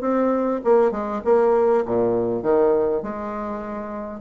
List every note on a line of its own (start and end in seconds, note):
0.00 0.60 C4
0.64 0.91 A#3
0.91 1.21 G#3
1.24 1.84 A#3
1.85 2.42 A#2
2.42 3.02 D#3
3.02 4.20 G#3